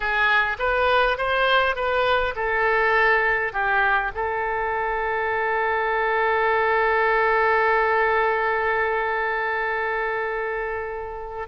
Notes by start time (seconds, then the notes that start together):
0.00 G#4
0.58 B4
1.17 C5
1.75 B4
2.35 A4
3.52 G4
4.14 A4